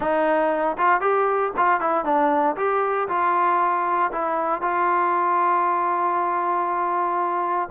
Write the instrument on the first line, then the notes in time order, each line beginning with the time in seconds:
trombone
0.00 D#4
0.77 F4
1.00 G4
1.56 F4
1.80 E4
2.04 D4
2.56 G4
3.08 F4
4.12 E4
4.61 F4